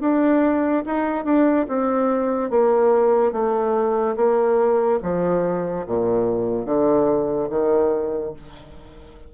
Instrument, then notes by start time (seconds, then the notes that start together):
bassoon
0.00 D4
0.86 D#4
1.24 D4
1.68 C4
2.50 A#3
3.32 A3
4.16 A#3
5.02 F3
5.86 A#2
6.65 D3
7.49 D#3